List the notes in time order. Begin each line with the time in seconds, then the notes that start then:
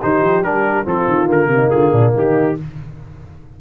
0.00 D#3 D#4 G4 C5
0.22 F3
0.42 G3 D4 A#4
0.85 F3 C4 F4 A4
1.08 D#3
1.26 D3 A#3 A#4
1.48 C3
1.55 D#4
1.70 D3 F4 G#4
1.92 A#2 D4
2.14 D#3 D#4 G4